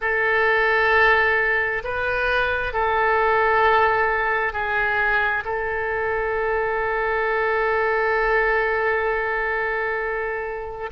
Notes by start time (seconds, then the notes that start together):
0.01 A4
1.83 B4
2.73 A4
4.52 G#4
5.44 A4